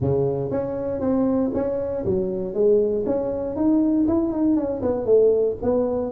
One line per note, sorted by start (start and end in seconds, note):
0.00 0.50 C#3
0.50 1.00 C#4
1.00 1.51 C4
1.53 2.04 C#4
2.05 2.54 F#3
2.54 3.05 G#3
3.06 3.56 C#4
3.56 4.07 D#4
4.07 4.32 E4
4.32 4.56 D#4
4.56 4.81 C#4
4.82 5.05 B3
5.05 5.56 A3
5.62 6.12 B3